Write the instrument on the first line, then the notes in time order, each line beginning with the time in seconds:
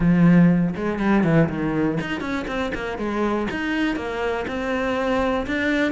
cello
0.00 F3
0.76 G#3
0.99 G3
1.24 E3
1.49 D#3
2.00 D#4
2.20 C#4
2.47 C4
2.74 A#3
2.98 G#3
3.50 D#4
3.96 A#3
4.47 C4
5.47 D4